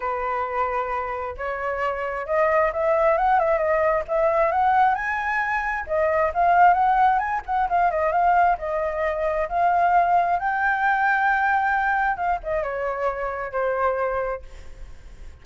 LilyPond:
\new Staff \with { instrumentName = "flute" } { \time 4/4 \tempo 4 = 133 b'2. cis''4~ | cis''4 dis''4 e''4 fis''8 e''8 | dis''4 e''4 fis''4 gis''4~ | gis''4 dis''4 f''4 fis''4 |
gis''8 fis''8 f''8 dis''8 f''4 dis''4~ | dis''4 f''2 g''4~ | g''2. f''8 dis''8 | cis''2 c''2 | }